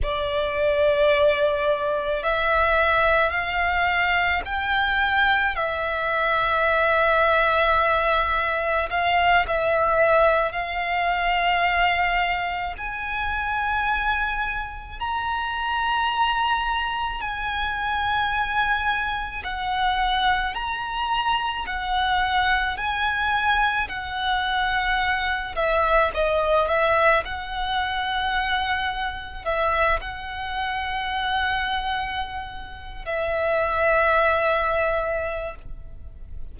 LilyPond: \new Staff \with { instrumentName = "violin" } { \time 4/4 \tempo 4 = 54 d''2 e''4 f''4 | g''4 e''2. | f''8 e''4 f''2 gis''8~ | gis''4. ais''2 gis''8~ |
gis''4. fis''4 ais''4 fis''8~ | fis''8 gis''4 fis''4. e''8 dis''8 | e''8 fis''2 e''8 fis''4~ | fis''4.~ fis''16 e''2~ e''16 | }